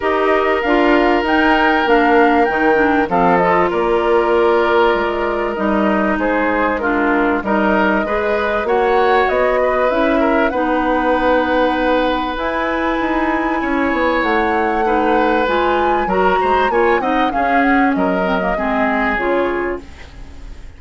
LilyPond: <<
  \new Staff \with { instrumentName = "flute" } { \time 4/4 \tempo 4 = 97 dis''4 f''4 g''4 f''4 | g''4 f''8 dis''8 d''2~ | d''4 dis''4 c''4 ais'4 | dis''2 fis''4 dis''4 |
e''4 fis''2. | gis''2. fis''4~ | fis''4 gis''4 ais''4 gis''8 fis''8 | f''8 fis''8 dis''2 cis''4 | }
  \new Staff \with { instrumentName = "oboe" } { \time 4/4 ais'1~ | ais'4 a'4 ais'2~ | ais'2 gis'4 f'4 | ais'4 b'4 cis''4. b'8~ |
b'8 ais'8 b'2.~ | b'2 cis''2 | b'2 ais'8 c''8 cis''8 dis''8 | gis'4 ais'4 gis'2 | }
  \new Staff \with { instrumentName = "clarinet" } { \time 4/4 g'4 f'4 dis'4 d'4 | dis'8 d'8 c'8 f'2~ f'8~ | f'4 dis'2 d'4 | dis'4 gis'4 fis'2 |
e'4 dis'2. | e'1 | dis'4 f'4 fis'4 f'8 dis'8 | cis'4. c'16 ais16 c'4 f'4 | }
  \new Staff \with { instrumentName = "bassoon" } { \time 4/4 dis'4 d'4 dis'4 ais4 | dis4 f4 ais2 | gis4 g4 gis2 | g4 gis4 ais4 b4 |
cis'4 b2. | e'4 dis'4 cis'8 b8 a4~ | a4 gis4 fis8 gis8 ais8 c'8 | cis'4 fis4 gis4 cis4 | }
>>